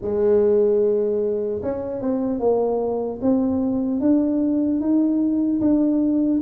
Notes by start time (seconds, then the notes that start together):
0.01 G#3
1.62 C#4
2.01 C4
2.39 A#3
3.21 C4
4.00 D4
4.80 D#4
5.60 D4